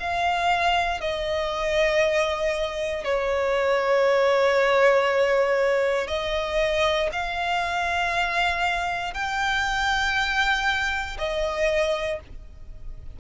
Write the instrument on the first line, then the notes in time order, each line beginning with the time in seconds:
violin
0.00 F5
1.01 D#5
3.05 C#5
6.08 D#5
7.12 F5
9.14 G5
11.18 D#5